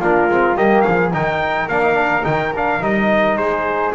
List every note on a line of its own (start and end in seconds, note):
0.00 0.28 A#3
0.00 0.30 D4
0.00 0.57 F4
0.00 0.57 A#4
0.28 0.56 G#3
0.28 0.55 C4
0.55 0.84 G3
0.55 1.11 A#3
0.55 0.84 G4
0.55 0.81 D#5
0.81 1.13 F3
0.81 1.12 G#4
0.81 1.09 F5
1.13 1.68 D#3
1.13 1.69 D#4
1.13 3.37 A#4
1.13 1.69 G5
1.68 2.25 A#3
1.68 1.83 D4
1.68 2.25 F5
1.83 1.94 D#4
1.94 2.22 D4
2.24 2.81 D#3
2.24 2.52 D#4
2.24 2.53 G5
2.55 2.81 D4
2.55 2.84 F5
2.81 3.36 G3
2.81 3.93 D#4
2.81 3.37 D#5
3.36 3.92 G#3
3.36 3.95 G#4
3.36 3.93 C5